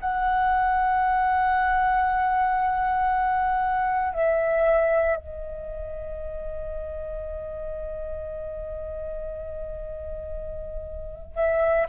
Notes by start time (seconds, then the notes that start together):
0.00 F#5
4.13 E5
5.16 D#5
11.35 E5